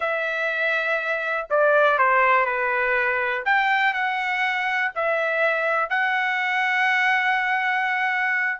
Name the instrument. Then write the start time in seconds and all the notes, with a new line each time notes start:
trumpet
0.00 E5
1.50 D5
1.98 C5
2.45 B4
3.45 G5
3.93 F#5
4.95 E5
5.89 F#5